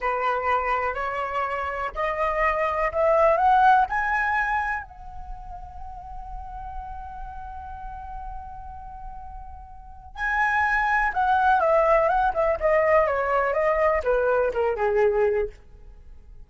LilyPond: \new Staff \with { instrumentName = "flute" } { \time 4/4 \tempo 4 = 124 b'2 cis''2 | dis''2 e''4 fis''4 | gis''2 fis''2~ | fis''1~ |
fis''1~ | fis''4 gis''2 fis''4 | e''4 fis''8 e''8 dis''4 cis''4 | dis''4 b'4 ais'8 gis'4. | }